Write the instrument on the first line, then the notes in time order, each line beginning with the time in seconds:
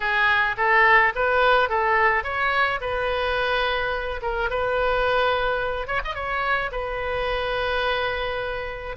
oboe
0.00 G#4
0.57 A4
1.15 B4
1.69 A4
2.23 C#5
2.80 B4
4.22 A#4
4.50 B4
5.87 C#5
6.04 D#5
6.14 C#5
6.71 B4